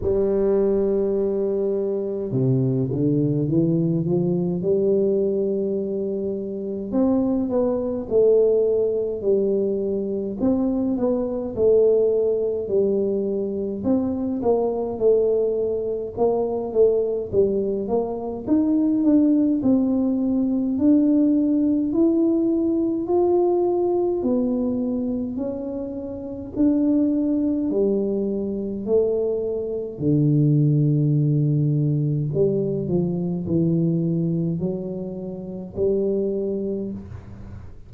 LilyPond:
\new Staff \with { instrumentName = "tuba" } { \time 4/4 \tempo 4 = 52 g2 c8 d8 e8 f8 | g2 c'8 b8 a4 | g4 c'8 b8 a4 g4 | c'8 ais8 a4 ais8 a8 g8 ais8 |
dis'8 d'8 c'4 d'4 e'4 | f'4 b4 cis'4 d'4 | g4 a4 d2 | g8 f8 e4 fis4 g4 | }